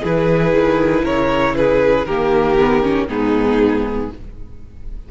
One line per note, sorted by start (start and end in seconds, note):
0.00 0.53 E3
0.00 2.06 E4
0.00 1.02 G#4
0.00 1.05 B4
0.53 1.04 D#3
1.03 2.06 C#3
1.03 1.54 A#4
1.03 1.55 C#5
1.55 2.07 G#4
1.55 2.05 B4
2.05 3.07 D#3
2.05 2.59 A#3
2.05 3.07 G4
2.05 3.07 A#4
2.59 2.83 B3
2.83 3.08 C#4
3.07 4.09 G#2
3.07 4.10 B3
3.07 4.09 D#4
3.07 4.11 G#4